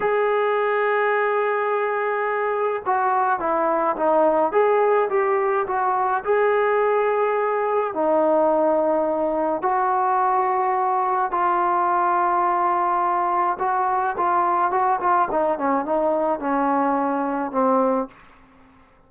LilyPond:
\new Staff \with { instrumentName = "trombone" } { \time 4/4 \tempo 4 = 106 gis'1~ | gis'4 fis'4 e'4 dis'4 | gis'4 g'4 fis'4 gis'4~ | gis'2 dis'2~ |
dis'4 fis'2. | f'1 | fis'4 f'4 fis'8 f'8 dis'8 cis'8 | dis'4 cis'2 c'4 | }